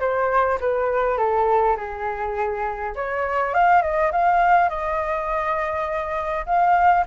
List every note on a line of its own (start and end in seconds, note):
0.00 0.59 C5
0.60 1.18 B4
1.18 1.76 A4
1.76 2.94 G#4
2.95 3.54 C#5
3.54 3.82 F5
3.82 4.11 D#5
4.12 4.69 F5
4.69 6.45 D#5
6.46 7.05 F5